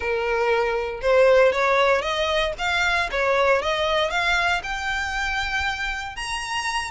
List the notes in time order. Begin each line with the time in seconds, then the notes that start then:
0.00 A#4
1.01 C5
1.52 C#5
2.01 D#5
2.58 F5
3.11 C#5
3.62 D#5
4.10 F5
4.63 G5
6.15 A#5